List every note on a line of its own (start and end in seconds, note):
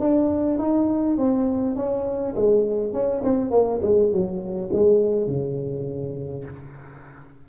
0.00 0.59 D4
0.59 1.17 D#4
1.17 1.76 C4
1.76 2.35 C#4
2.36 2.93 G#3
2.93 3.22 C#4
3.24 3.51 C4
3.51 3.80 A#3
3.82 4.11 G#3
4.11 4.70 F#3
4.72 5.27 G#3
5.27 6.44 C#3